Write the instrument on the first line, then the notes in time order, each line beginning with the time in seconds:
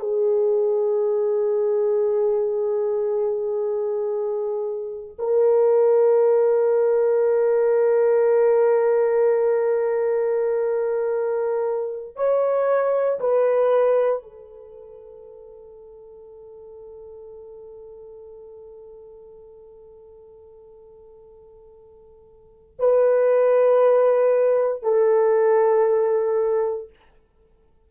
horn
0.00 G#4
5.19 A#4
12.16 C#5
13.20 B4
14.23 A4
22.79 B4
24.83 A4